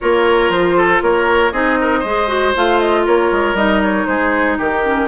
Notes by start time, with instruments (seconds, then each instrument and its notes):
0.01 bassoon A#3, clarinet F4, oboe A#4, flute C#5
0.49 bassoon F3, flute C5
0.77 oboe A4
1.01 bassoon A#3, oboe A#4, flute C#5
1.51 bassoon C4, clarinet D#4, oboe G#4, flute D#5
1.81 oboe A#4
1.99 bassoon G#3, oboe C5
2.05 clarinet G#4
2.27 clarinet F#4
2.55 bassoon A3, clarinet F4, flute F5
2.79 flute D#5
3.05 bassoon A#3, oboe A#4, flute C#5
3.31 bassoon G#3
3.54 bassoon G3, clarinet D#4, flute D#5
3.82 flute C#5
4.05 bassoon G#3, oboe G#4, flute C5
4.58 bassoon D#3, oboe G4, flute A#4
4.83 clarinet C#4